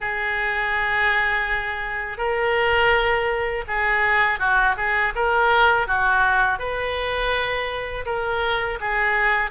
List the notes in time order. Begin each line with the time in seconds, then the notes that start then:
0.00 G#4
2.17 A#4
3.67 G#4
4.39 F#4
4.76 G#4
5.15 A#4
5.87 F#4
6.59 B4
8.05 A#4
8.80 G#4